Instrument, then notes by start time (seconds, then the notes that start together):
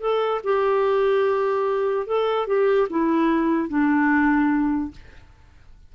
clarinet
0.00 A4
0.44 G4
2.06 A4
2.47 G4
2.90 E4
3.68 D4